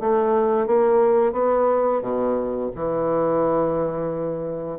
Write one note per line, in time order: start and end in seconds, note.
0.00 0.67 A3
0.67 1.33 A#3
1.33 2.02 B3
2.02 2.71 B2
2.75 4.79 E3